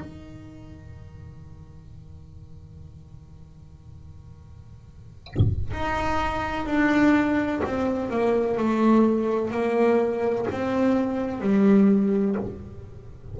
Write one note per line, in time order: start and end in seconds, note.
0.00 5.71 D#3
5.72 6.66 D#4
6.66 7.61 D4
7.64 8.10 C4
8.10 8.58 A#3
8.58 9.51 A3
9.51 10.46 A#3
10.51 11.41 C4
11.41 12.36 G3